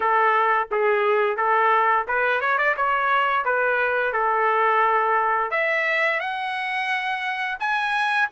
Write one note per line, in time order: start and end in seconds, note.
0.00 0.68 A4
0.71 1.36 G#4
1.36 2.05 A4
2.07 2.40 B4
2.40 2.58 C#5
2.58 2.75 D5
2.76 3.45 C#5
3.45 4.13 B4
4.13 5.50 A4
5.50 6.19 E5
6.20 7.58 F#5
7.59 8.28 G#5